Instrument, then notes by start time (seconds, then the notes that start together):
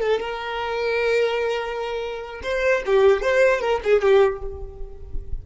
violin
0.00 A4
0.20 A#4
2.43 C5
2.86 G4
3.22 C5
3.60 A#4
3.83 G#4
4.01 G4